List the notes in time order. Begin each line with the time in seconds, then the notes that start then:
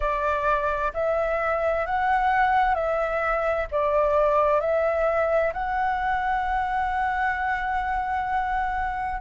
0.00 D5
0.93 E5
1.85 F#5
2.74 E5
3.71 D5
4.60 E5
5.53 F#5